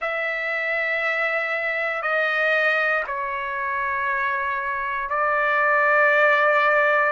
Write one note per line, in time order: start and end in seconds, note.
0.01 2.02 E5
2.02 3.03 D#5
3.07 5.09 C#5
5.09 7.12 D5